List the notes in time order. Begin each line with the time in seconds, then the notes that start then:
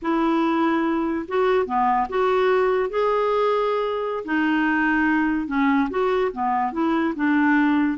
0.02 E4
1.27 F#4
1.66 B3
2.09 F#4
2.89 G#4
4.24 D#4
5.47 C#4
5.90 F#4
6.32 B3
6.72 E4
7.15 D4